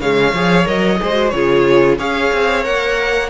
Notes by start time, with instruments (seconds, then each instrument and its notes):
0.00 cello C#3, viola G#3, violin C#5 F5
0.33 cello F3, viola G#4
0.65 cello F#3, viola A#4, violin D#5
1.01 cello G#3, viola G#4, violin C5
1.13 viola F#4
1.30 cello C#3, viola F4, violin C#5
1.36 violin G#4
1.99 cello C#4, viola G#4, violin C#5 F5
2.34 cello C4
2.63 cello A#3, viola A#4, violin F#5